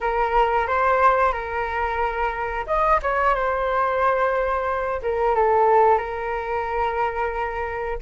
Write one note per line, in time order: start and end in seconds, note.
0.00 0.67 A#4
0.67 1.32 C5
1.32 2.65 A#4
2.66 3.00 D#5
3.02 3.34 C#5
3.34 5.01 C5
5.02 5.35 A#4
5.35 5.98 A4
5.98 7.98 A#4